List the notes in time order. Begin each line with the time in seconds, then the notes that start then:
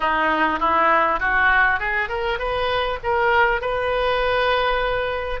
0.00 D#4
0.59 E4
1.19 F#4
1.79 G#4
2.08 A#4
2.38 B4
3.03 A#4
3.61 B4